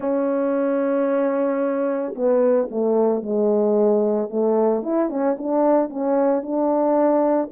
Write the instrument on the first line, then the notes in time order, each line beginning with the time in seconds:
horn
0.00 C#4
2.15 B3
2.70 A3
3.22 G#3
4.29 A3
4.83 E4
5.09 C#4
5.38 D4
5.89 C#4
6.42 D4